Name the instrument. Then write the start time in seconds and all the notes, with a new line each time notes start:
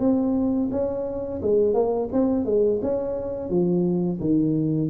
tuba
0.00 C4
0.72 C#4
1.43 G#3
1.74 A#3
2.13 C4
2.46 G#3
2.83 C#4
3.50 F3
4.21 D#3